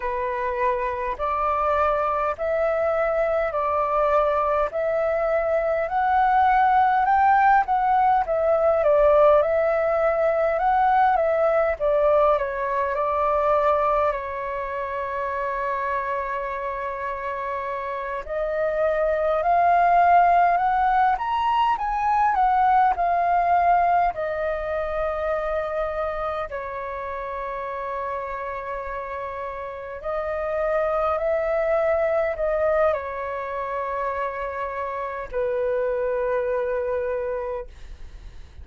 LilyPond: \new Staff \with { instrumentName = "flute" } { \time 4/4 \tempo 4 = 51 b'4 d''4 e''4 d''4 | e''4 fis''4 g''8 fis''8 e''8 d''8 | e''4 fis''8 e''8 d''8 cis''8 d''4 | cis''2.~ cis''8 dis''8~ |
dis''8 f''4 fis''8 ais''8 gis''8 fis''8 f''8~ | f''8 dis''2 cis''4.~ | cis''4. dis''4 e''4 dis''8 | cis''2 b'2 | }